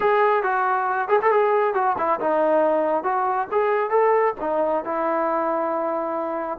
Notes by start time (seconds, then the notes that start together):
0.00 G#4
0.43 F#4
1.08 G#4
1.22 A4
1.31 G#4
1.74 F#4
1.97 E4
2.20 D#4
3.03 F#4
3.51 G#4
3.90 A4
4.40 D#4
4.84 E4